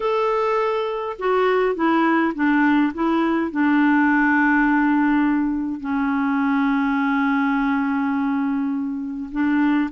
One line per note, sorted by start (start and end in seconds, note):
0.00 1.16 A4
1.19 1.75 F#4
1.75 2.33 E4
2.34 2.93 D4
2.93 3.51 E4
3.51 5.80 D4
5.80 9.30 C#4
9.31 9.89 D4